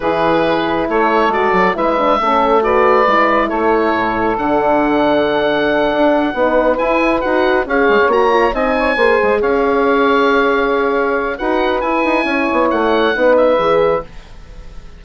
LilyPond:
<<
  \new Staff \with { instrumentName = "oboe" } { \time 4/4 \tempo 4 = 137 b'2 cis''4 d''4 | e''2 d''2 | cis''2 fis''2~ | fis''2.~ fis''8 gis''8~ |
gis''8 fis''4 f''4 ais''4 gis''8~ | gis''4. f''2~ f''8~ | f''2 fis''4 gis''4~ | gis''4 fis''4. e''4. | }
  \new Staff \with { instrumentName = "saxophone" } { \time 4/4 gis'2 a'2 | b'4 a'4 b'2 | a'1~ | a'2~ a'8 b'4.~ |
b'4. cis''2 dis''8 | cis''8 c''4 cis''2~ cis''8~ | cis''2 b'2 | cis''2 b'2 | }
  \new Staff \with { instrumentName = "horn" } { \time 4/4 e'2. fis'4 | e'8 d'8 cis'4 fis'4 e'4~ | e'2 d'2~ | d'2~ d'8 dis'4 e'8~ |
e'8 fis'4 gis'4 fis'8 f'8 dis'8~ | dis'8 gis'2.~ gis'8~ | gis'2 fis'4 e'4~ | e'2 dis'4 gis'4 | }
  \new Staff \with { instrumentName = "bassoon" } { \time 4/4 e2 a4 gis8 fis8 | gis4 a2 gis4 | a4 a,4 d2~ | d4. d'4 b4 e'8~ |
e'8 dis'4 cis'8 gis16 cis'16 ais4 c'8~ | c'8 ais8 gis8 cis'2~ cis'8~ | cis'2 dis'4 e'8 dis'8 | cis'8 b8 a4 b4 e4 | }
>>